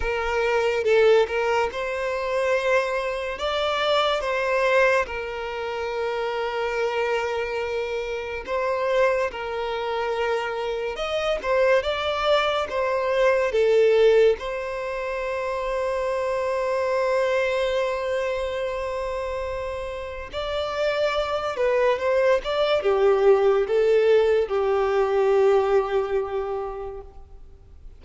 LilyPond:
\new Staff \with { instrumentName = "violin" } { \time 4/4 \tempo 4 = 71 ais'4 a'8 ais'8 c''2 | d''4 c''4 ais'2~ | ais'2 c''4 ais'4~ | ais'4 dis''8 c''8 d''4 c''4 |
a'4 c''2.~ | c''1 | d''4. b'8 c''8 d''8 g'4 | a'4 g'2. | }